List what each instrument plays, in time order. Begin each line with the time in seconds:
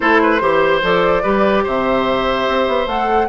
0.00 bassoon A3, clarinet E4, oboe A4, flute C5
0.22 oboe B4
0.40 bassoon E3, clarinet G4, oboe C5
0.82 bassoon F3, clarinet A4, flute D5
1.22 bassoon G3, clarinet G4, oboe B4
1.63 bassoon C3, oboe C5, flute E5
2.48 bassoon C4
2.67 bassoon B3
2.86 bassoon A3, clarinet A4, flute F#5